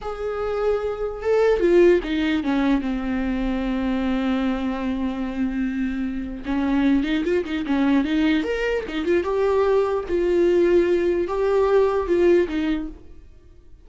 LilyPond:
\new Staff \with { instrumentName = "viola" } { \time 4/4 \tempo 4 = 149 gis'2. a'4 | f'4 dis'4 cis'4 c'4~ | c'1~ | c'1 |
cis'4. dis'8 f'8 dis'8 cis'4 | dis'4 ais'4 dis'8 f'8 g'4~ | g'4 f'2. | g'2 f'4 dis'4 | }